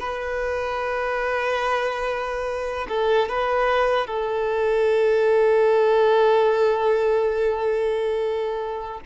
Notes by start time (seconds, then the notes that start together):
0.00 B4
2.89 A4
3.30 B4
4.07 A4